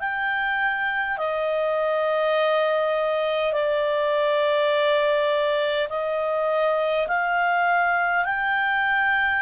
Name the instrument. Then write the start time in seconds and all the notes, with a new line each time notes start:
clarinet
0.00 G5
1.18 D#5
3.52 D5
5.89 D#5
7.07 F5
8.25 G5